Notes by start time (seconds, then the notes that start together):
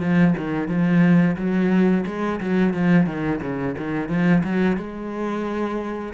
0.00 F3
0.37 D#3
0.68 F3
1.37 F#3
2.06 G#3
2.40 F#3
2.74 F3
3.06 D#3
3.42 C#3
3.78 D#3
4.09 F3
4.44 F#3
4.77 G#3